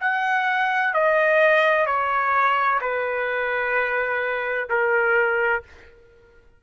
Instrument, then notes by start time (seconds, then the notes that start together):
trumpet
0.00 F#5
0.94 D#5
1.86 C#5
2.81 B4
4.69 A#4